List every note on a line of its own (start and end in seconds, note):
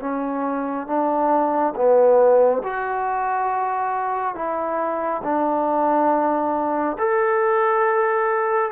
0.00 0.87 C#4
0.87 1.74 D4
1.75 2.62 B3
2.63 4.35 F#4
4.35 5.22 E4
5.23 6.97 D4
6.98 8.72 A4